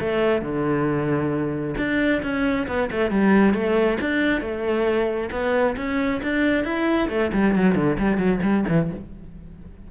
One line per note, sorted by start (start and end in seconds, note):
0.00 0.42 A3
0.42 1.75 D3
1.78 2.22 D4
2.23 2.67 C#4
2.68 2.90 B3
2.92 3.11 A3
3.11 3.54 G3
3.54 3.99 A3
4.01 4.41 D4
4.41 5.30 A3
5.32 5.76 B3
5.77 6.21 C#4
6.23 6.64 D4
6.64 7.09 E4
7.09 7.32 A3
7.33 7.56 G3
7.56 7.75 F#3
7.75 7.98 D3
7.99 8.18 G3
8.18 8.40 F#3
8.43 8.65 G3
8.69 8.91 E3